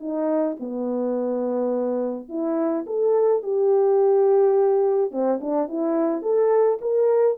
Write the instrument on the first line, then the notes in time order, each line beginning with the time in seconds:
horn
0.00 D#4
0.60 B3
2.29 E4
2.87 A4
3.43 G4
5.11 C4
5.41 D4
5.68 E4
6.22 A4
6.81 A#4